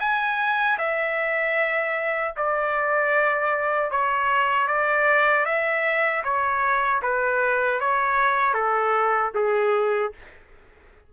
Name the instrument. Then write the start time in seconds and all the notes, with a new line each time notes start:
trumpet
0.00 G#5
0.78 E5
2.37 D5
3.91 C#5
4.68 D5
5.45 E5
6.24 C#5
7.02 B4
7.80 C#5
8.54 A4
9.35 G#4